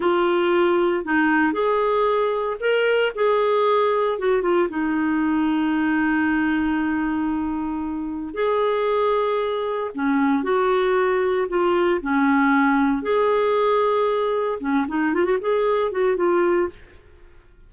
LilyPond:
\new Staff \with { instrumentName = "clarinet" } { \time 4/4 \tempo 4 = 115 f'2 dis'4 gis'4~ | gis'4 ais'4 gis'2 | fis'8 f'8 dis'2.~ | dis'1 |
gis'2. cis'4 | fis'2 f'4 cis'4~ | cis'4 gis'2. | cis'8 dis'8 f'16 fis'16 gis'4 fis'8 f'4 | }